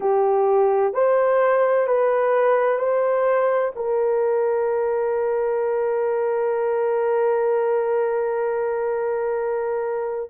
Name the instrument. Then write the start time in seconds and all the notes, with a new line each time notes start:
horn
0.00 G4
0.93 C5
1.87 B4
2.78 C5
3.75 A#4